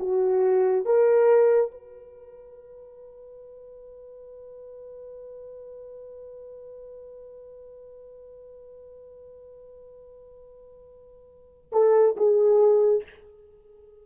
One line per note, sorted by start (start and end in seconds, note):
0.00 0.86 F#4
0.86 1.71 A#4
1.71 11.71 B4
11.73 12.16 A4
12.17 13.04 G#4